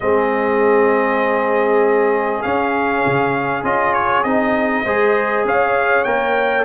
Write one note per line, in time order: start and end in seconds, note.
0.00 2.43 G#3
0.00 2.43 C4
0.00 4.84 G#4
0.00 2.41 D#5
2.41 3.63 C#4
2.41 3.04 C#4
2.41 3.63 F5
3.06 3.63 C#3
3.63 4.23 C#4
3.63 4.24 F4
3.63 3.93 D#5
3.93 4.23 C#5
4.23 4.84 C4
4.23 4.85 D#4
4.23 5.45 D#5
4.84 5.44 G#3
4.84 6.06 G#4
4.84 5.45 C5
5.44 6.04 C#4
5.44 6.64 C#5
5.44 6.04 F5
6.04 6.64 A#3
6.04 6.64 A#4
6.04 6.64 G5